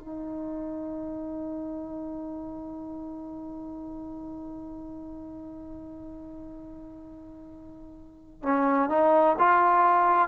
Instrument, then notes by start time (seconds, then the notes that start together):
trombone
0.00 D#4
8.43 C#4
8.89 D#4
9.39 F4